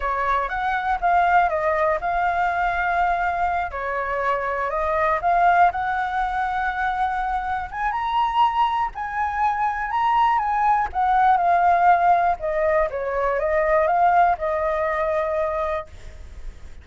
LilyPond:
\new Staff \with { instrumentName = "flute" } { \time 4/4 \tempo 4 = 121 cis''4 fis''4 f''4 dis''4 | f''2.~ f''8 cis''8~ | cis''4. dis''4 f''4 fis''8~ | fis''2.~ fis''8 gis''8 |
ais''2 gis''2 | ais''4 gis''4 fis''4 f''4~ | f''4 dis''4 cis''4 dis''4 | f''4 dis''2. | }